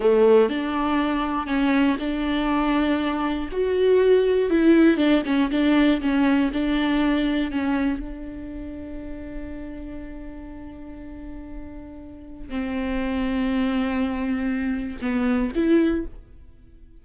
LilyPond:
\new Staff \with { instrumentName = "viola" } { \time 4/4 \tempo 4 = 120 a4 d'2 cis'4 | d'2. fis'4~ | fis'4 e'4 d'8 cis'8 d'4 | cis'4 d'2 cis'4 |
d'1~ | d'1~ | d'4 c'2.~ | c'2 b4 e'4 | }